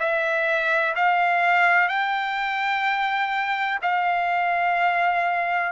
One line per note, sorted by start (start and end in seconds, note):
0.00 0.95 E5
0.96 1.89 F5
1.89 3.80 G5
3.82 5.73 F5